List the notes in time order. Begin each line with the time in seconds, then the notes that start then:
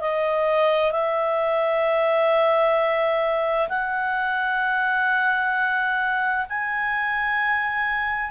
0.00 D#5
0.91 E5
3.68 F#5
6.49 G#5